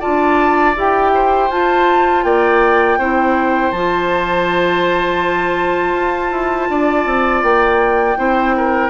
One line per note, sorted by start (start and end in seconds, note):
0.00 0.75 F4
0.00 1.11 D5
0.00 0.75 A5
0.06 0.76 D4
0.76 1.50 E4
0.76 1.50 G4
0.76 1.51 G5
1.14 2.25 C5
1.50 2.24 F4
1.50 3.00 F4
1.50 2.24 A5
2.24 2.98 A#3
2.24 2.99 D5
2.24 3.72 G5
2.98 3.72 C4
2.98 3.74 E4
2.98 6.69 C5
3.72 5.94 F3
3.72 8.17 F4
3.72 7.42 A5
5.94 6.31 F4
6.31 6.68 E4
6.69 7.06 D4
6.69 8.19 D5
7.06 7.43 C4
7.43 8.17 A#3
7.43 8.90 G5
8.17 8.90 C4
8.17 8.90 E4
8.17 8.56 C5
8.57 8.90 A#4